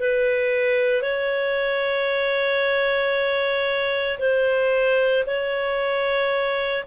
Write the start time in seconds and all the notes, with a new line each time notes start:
0.00 B4
1.02 C#5
4.19 C5
5.27 C#5